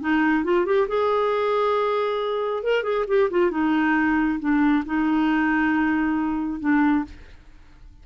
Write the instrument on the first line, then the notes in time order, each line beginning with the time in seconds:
clarinet
0.00 D#4
0.44 F4
0.65 G4
0.87 G#4
2.63 A#4
2.83 G#4
3.07 G4
3.30 F4
3.51 D#4
4.39 D4
4.85 D#4
6.60 D4